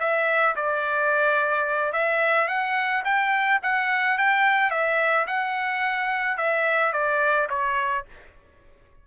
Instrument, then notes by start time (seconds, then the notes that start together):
trumpet
0.00 E5
0.56 D5
1.93 E5
2.48 F#5
3.05 G5
3.63 F#5
4.18 G5
4.70 E5
5.27 F#5
6.37 E5
6.93 D5
7.50 C#5